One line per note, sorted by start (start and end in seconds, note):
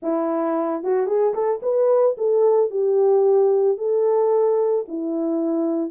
0.02 0.83 E4
0.83 1.06 F#4
1.06 1.33 G#4
1.34 1.61 A4
1.62 2.16 B4
2.17 2.70 A4
2.70 3.77 G4
3.77 4.85 A4
4.88 5.91 E4